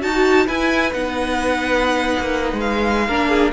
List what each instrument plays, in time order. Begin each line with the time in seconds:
0.00 cello D#4, violin F#4 A5, viola F#4
0.46 cello E4, viola E4, violin B4 G#5
0.93 cello B3, viola D#4, violin F#5
2.19 cello A#3
2.52 cello G#3
2.60 violin F5
3.07 cello A#3, viola D4, violin A#4
3.29 violin G#4